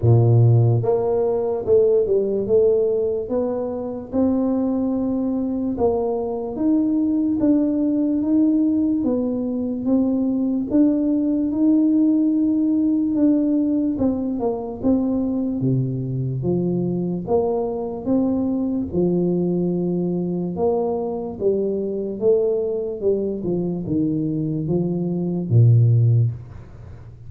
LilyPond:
\new Staff \with { instrumentName = "tuba" } { \time 4/4 \tempo 4 = 73 ais,4 ais4 a8 g8 a4 | b4 c'2 ais4 | dis'4 d'4 dis'4 b4 | c'4 d'4 dis'2 |
d'4 c'8 ais8 c'4 c4 | f4 ais4 c'4 f4~ | f4 ais4 g4 a4 | g8 f8 dis4 f4 ais,4 | }